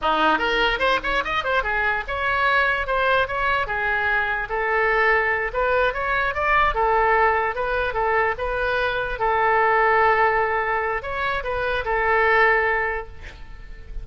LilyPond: \new Staff \with { instrumentName = "oboe" } { \time 4/4 \tempo 4 = 147 dis'4 ais'4 c''8 cis''8 dis''8 c''8 | gis'4 cis''2 c''4 | cis''4 gis'2 a'4~ | a'4. b'4 cis''4 d''8~ |
d''8 a'2 b'4 a'8~ | a'8 b'2 a'4.~ | a'2. cis''4 | b'4 a'2. | }